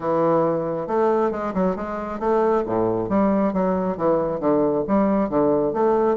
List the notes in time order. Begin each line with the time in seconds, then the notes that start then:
0.00 E3
0.87 A3
1.31 G#3
1.53 F#3
1.75 G#3
2.19 A3
2.66 A2
3.09 G3
3.53 F#3
3.97 E3
4.39 D3
4.87 G3
5.29 D3
5.73 A3